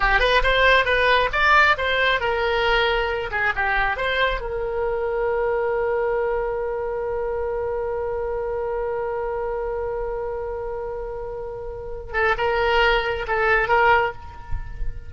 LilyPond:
\new Staff \with { instrumentName = "oboe" } { \time 4/4 \tempo 4 = 136 g'8 b'8 c''4 b'4 d''4 | c''4 ais'2~ ais'8 gis'8 | g'4 c''4 ais'2~ | ais'1~ |
ais'1~ | ais'1~ | ais'2.~ ais'8 a'8 | ais'2 a'4 ais'4 | }